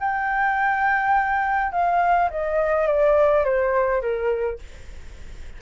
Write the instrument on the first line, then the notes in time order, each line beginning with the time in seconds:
flute
0.00 G5
1.72 F5
2.31 D#5
2.87 D5
3.45 C5
4.02 A#4